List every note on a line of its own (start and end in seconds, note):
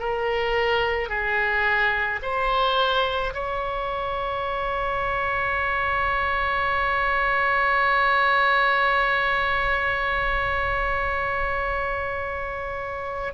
0.00 1.09 A#4
1.09 2.20 G#4
2.23 3.34 C5
3.34 13.34 C#5